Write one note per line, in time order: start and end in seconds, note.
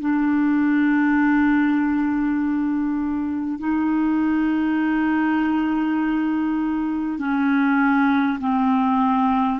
0.00 3.59 D4
3.59 7.19 D#4
7.19 8.39 C#4
8.39 9.59 C4